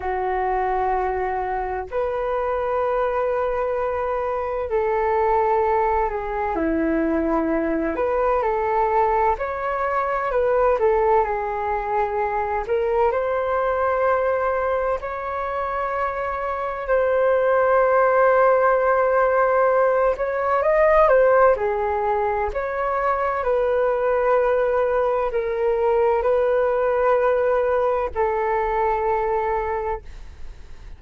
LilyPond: \new Staff \with { instrumentName = "flute" } { \time 4/4 \tempo 4 = 64 fis'2 b'2~ | b'4 a'4. gis'8 e'4~ | e'8 b'8 a'4 cis''4 b'8 a'8 | gis'4. ais'8 c''2 |
cis''2 c''2~ | c''4. cis''8 dis''8 c''8 gis'4 | cis''4 b'2 ais'4 | b'2 a'2 | }